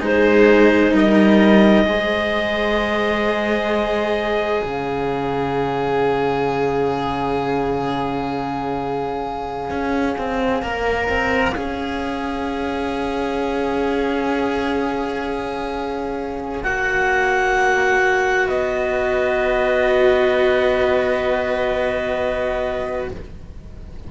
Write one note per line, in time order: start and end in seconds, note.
0.00 0.92 G#3
0.00 1.85 D#4
0.00 0.92 G#4
0.00 0.97 C5
0.92 1.85 G3
0.92 1.85 A#4
0.92 4.64 D#5
1.85 4.62 G#3
1.85 10.62 G#4
1.85 4.63 C5
4.63 9.70 C#3
4.63 18.47 C#5
4.63 16.63 F5
9.70 10.16 C#4
10.18 10.62 C4
10.62 11.09 A#3
10.62 11.55 A#4
11.09 11.55 C4
11.55 16.64 C#4
11.55 16.63 G#4
16.63 18.48 A#3
16.63 23.10 F#4
16.63 18.47 F#5
18.47 23.11 B3
18.47 23.08 B4
18.47 23.09 D#5